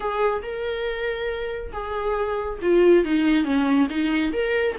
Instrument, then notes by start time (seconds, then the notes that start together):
viola
0.00 G#4
0.42 A#4
1.72 G#4
2.62 F4
3.04 D#4
3.44 C#4
3.89 D#4
4.32 A#4